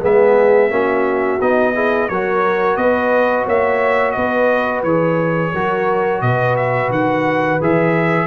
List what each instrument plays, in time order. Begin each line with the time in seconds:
0.00 tuba G#3, trombone B3, horn G#4, trumpet E5
0.70 tuba A#3, trombone C#4, horn F#4
1.41 tuba B3, trombone D#4, trumpet D#5
1.74 trombone E4, horn G#4
2.08 tuba F#3, trombone F#4, horn A#4, trumpet C#5
2.76 tuba B3, horn B4, trumpet D#5
3.45 tuba A#3, horn C#5, trumpet E5
4.11 tuba B3, horn B4, trumpet D#5
4.83 tuba E3, trombone G#4, trumpet C#5
5.53 tuba F#3, trombone F#4, horn A#4
6.21 tuba B2, horn B4, trumpet D#5
6.56 trumpet E5
6.90 tuba D#3, trumpet F#5
7.60 tuba E3, trombone G#4, trumpet E5